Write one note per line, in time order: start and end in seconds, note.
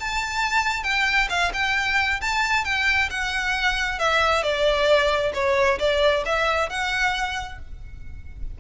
0.00 0.83 A5
0.83 1.28 G5
1.29 1.52 F5
1.53 2.21 G5
2.21 2.65 A5
2.65 3.09 G5
3.10 3.99 F#5
3.99 4.43 E5
4.43 5.32 D5
5.34 5.79 C#5
5.79 6.24 D5
6.25 6.69 E5
6.69 7.59 F#5